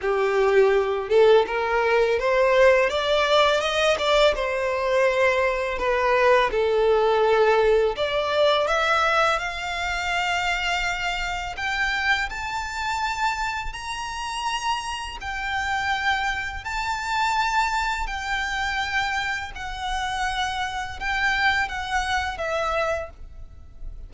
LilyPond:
\new Staff \with { instrumentName = "violin" } { \time 4/4 \tempo 4 = 83 g'4. a'8 ais'4 c''4 | d''4 dis''8 d''8 c''2 | b'4 a'2 d''4 | e''4 f''2. |
g''4 a''2 ais''4~ | ais''4 g''2 a''4~ | a''4 g''2 fis''4~ | fis''4 g''4 fis''4 e''4 | }